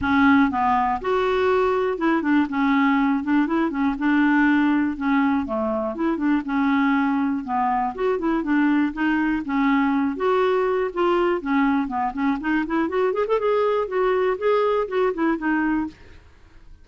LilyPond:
\new Staff \with { instrumentName = "clarinet" } { \time 4/4 \tempo 4 = 121 cis'4 b4 fis'2 | e'8 d'8 cis'4. d'8 e'8 cis'8 | d'2 cis'4 a4 | e'8 d'8 cis'2 b4 |
fis'8 e'8 d'4 dis'4 cis'4~ | cis'8 fis'4. f'4 cis'4 | b8 cis'8 dis'8 e'8 fis'8 gis'16 a'16 gis'4 | fis'4 gis'4 fis'8 e'8 dis'4 | }